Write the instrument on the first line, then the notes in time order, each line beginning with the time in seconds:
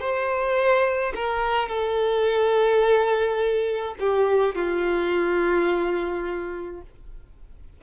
violin
0.00 C5
1.15 A#4
1.69 A4
4.00 G4
4.55 F4